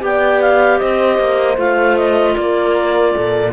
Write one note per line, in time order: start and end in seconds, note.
0.00 0.81 B3
0.00 1.56 G4
0.00 0.81 D5
0.00 0.42 G5
0.42 0.79 F5
0.79 1.19 C4
0.79 2.36 C5
0.79 1.57 D#5
1.19 1.58 A#3
1.57 2.36 A3
1.57 3.52 F4
1.57 1.97 F5
1.97 2.36 D#5
2.36 3.15 A#3
2.36 3.14 A#4
2.36 3.53 D5
3.14 3.53 A#2
3.14 3.53 A4